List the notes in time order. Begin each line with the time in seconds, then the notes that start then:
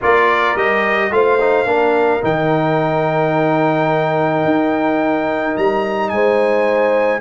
0.01 A#3 F4 A#4 D5
0.55 G3 G4 D#5
1.11 A3 F4 C5 F5
1.40 D#4
1.65 A#3 D4 A#4
2.20 D#3 D#4 G5
4.44 D#4
5.57 G3 A#5
6.09 G#3 C5 G#5